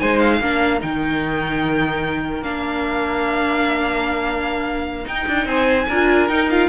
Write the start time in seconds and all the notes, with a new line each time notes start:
0.00 G#3 D#4 C5 G#5
0.20 F5
0.41 A#3 D4 A#4
0.81 D#3 D#4 G5
2.42 A#3 D4 F5
5.05 D#4 G5
5.28 D4
5.46 C4 C5 G#5
5.89 D4 F4 A#4
6.29 D#4 G5
6.50 F4 F5